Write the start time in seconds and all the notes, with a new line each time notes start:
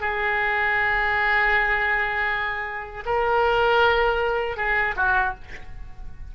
0.00 G#4
3.05 A#4
4.56 G#4
4.96 F#4